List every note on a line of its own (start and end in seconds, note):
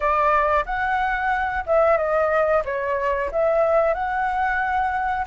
0.00 0.64 D5
0.65 1.64 F#5
1.66 1.97 E5
1.97 2.63 D#5
2.64 3.30 C#5
3.31 3.94 E5
3.94 5.26 F#5